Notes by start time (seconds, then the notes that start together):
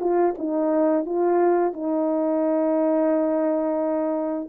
0.00 F4
0.38 D#4
1.06 F4
1.73 D#4